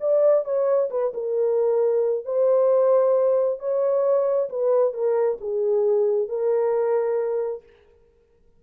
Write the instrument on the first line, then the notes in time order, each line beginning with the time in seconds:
horn
0.00 D5
0.45 C#5
0.90 B4
1.14 A#4
2.25 C5
3.59 C#5
4.50 B4
4.93 A#4
5.41 G#4
6.29 A#4